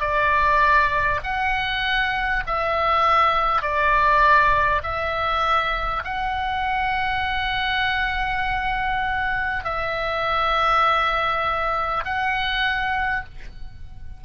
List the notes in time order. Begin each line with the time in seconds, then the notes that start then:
0.00 D5
1.23 F#5
2.46 E5
3.62 D5
4.83 E5
6.04 F#5
9.64 E5
12.04 F#5